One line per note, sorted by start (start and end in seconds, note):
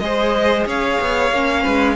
0.00 0.66 G#3
0.00 1.34 G#4
0.00 0.68 C5
0.00 0.65 D#5
0.67 0.99 C#4
0.67 1.63 C#5
0.67 1.96 F5
1.01 1.32 B3
1.32 1.65 A#3
1.32 1.96 C#4
1.63 1.96 G#3
1.63 1.95 B4